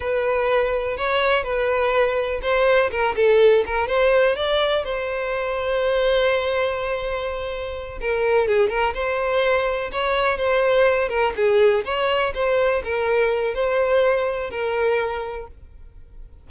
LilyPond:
\new Staff \with { instrumentName = "violin" } { \time 4/4 \tempo 4 = 124 b'2 cis''4 b'4~ | b'4 c''4 ais'8 a'4 ais'8 | c''4 d''4 c''2~ | c''1~ |
c''8 ais'4 gis'8 ais'8 c''4.~ | c''8 cis''4 c''4. ais'8 gis'8~ | gis'8 cis''4 c''4 ais'4. | c''2 ais'2 | }